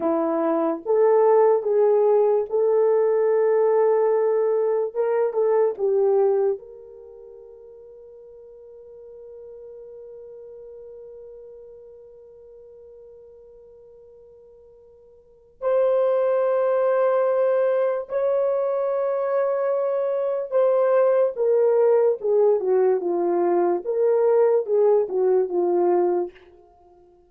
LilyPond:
\new Staff \with { instrumentName = "horn" } { \time 4/4 \tempo 4 = 73 e'4 a'4 gis'4 a'4~ | a'2 ais'8 a'8 g'4 | ais'1~ | ais'1~ |
ais'2. c''4~ | c''2 cis''2~ | cis''4 c''4 ais'4 gis'8 fis'8 | f'4 ais'4 gis'8 fis'8 f'4 | }